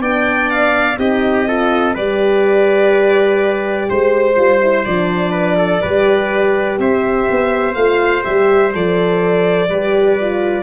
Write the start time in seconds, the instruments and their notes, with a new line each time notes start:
0.00 tuba B3, horn D4, trumpet D5, violin G5
0.50 violin F5
0.99 tuba C4, horn D#4, trumpet G4, violin D#5
1.47 horn F4, trumpet A4
1.94 tuba G3, horn G4, trumpet B4, violin D5
3.90 tuba G#3, violin C5, trumpet C5
4.36 tuba G3, horn F4
4.62 horn E4
4.85 tuba F3, horn D4, violin D5
5.32 trumpet B4
5.58 trumpet A4
5.82 tuba G3, horn G4, trumpet B4
6.79 tuba C4, trumpet C5, violin E5
7.31 tuba B3
7.74 tuba A3, horn F4, violin F5
8.23 tuba G3, horn G4, violin E5
8.74 tuba F3, horn A4, violin D5
9.69 tuba G3, horn G4, trumpet B4
10.21 horn F4